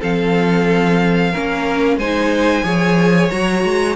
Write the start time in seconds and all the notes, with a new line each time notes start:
0.00 F3 C4 A4 F5
1.31 A#3 C#4 A#4
1.97 G#3 D#4 C5 G#5
2.63 F3 G#4 C#5
3.30 F#3 F#4 A#5
3.64 G#3